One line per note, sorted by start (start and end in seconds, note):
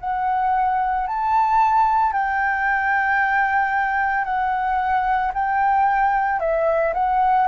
0.00 1.07 F#5
1.07 2.13 A5
2.13 4.25 G5
4.25 5.32 F#5
5.34 6.40 G5
6.40 6.94 E5
6.94 7.48 F#5